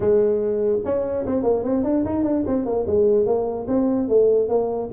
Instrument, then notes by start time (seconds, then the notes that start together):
tuba
0.00 G#3
0.84 C#4
1.26 C4
1.43 A#3
1.63 C4
1.83 D4
2.05 D#4
2.23 D4
2.46 C4
2.65 A#3
2.86 G#3
3.26 A#3
3.67 C4
4.08 A3
4.49 A#3